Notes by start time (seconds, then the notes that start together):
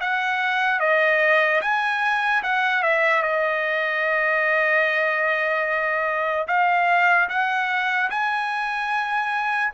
0.00 F#5
0.80 D#5
1.61 G#5
2.43 F#5
2.83 E5
3.22 D#5
6.48 F5
7.29 F#5
8.10 G#5